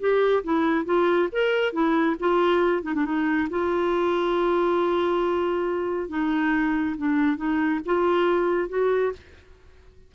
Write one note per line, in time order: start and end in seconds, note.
0.00 0.43 G4
0.43 0.86 E4
0.86 1.29 F4
1.32 1.73 A#4
1.73 2.16 E4
2.20 2.83 F4
2.83 2.94 D#4
2.95 3.05 D4
3.05 3.49 D#4
3.50 6.09 F4
6.09 6.96 D#4
6.98 7.37 D4
7.37 7.80 D#4
7.86 8.69 F4
8.69 9.13 F#4